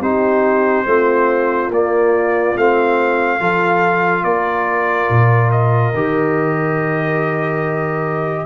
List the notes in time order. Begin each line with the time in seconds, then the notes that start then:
0.00 C4 D#4 G4 C5
0.86 A3 C4 F4
1.68 A#3 D5
2.55 A3 C4 F5
3.39 F3 F4 A4
4.24 A#3 A#4 D5
5.09 A#2
5.51 D#5
5.94 D#3 G4